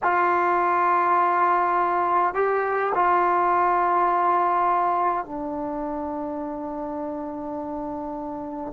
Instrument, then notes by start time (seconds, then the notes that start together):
trombone
0.03 F4
2.34 G4
2.94 F4
5.25 D4